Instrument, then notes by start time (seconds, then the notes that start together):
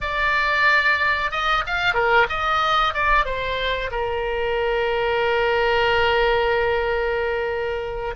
oboe
0.00 D5
1.31 D#5
1.66 F5
1.94 A#4
2.29 D#5
2.93 D5
3.25 C5
3.91 A#4